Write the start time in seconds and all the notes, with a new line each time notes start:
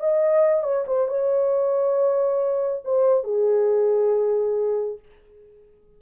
0.00 D#5
0.64 C#5
0.87 C5
1.08 C#5
2.85 C5
3.24 G#4